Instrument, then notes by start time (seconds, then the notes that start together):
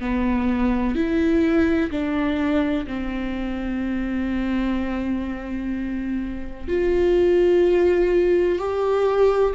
viola
0.00 B3
0.95 E4
1.91 D4
2.87 C4
6.68 F4
8.59 G4